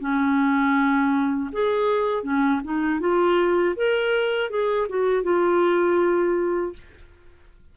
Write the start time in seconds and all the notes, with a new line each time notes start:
0.00 C#4
1.52 G#4
2.23 C#4
2.64 D#4
3.00 F4
3.76 A#4
4.50 G#4
4.89 F#4
5.23 F4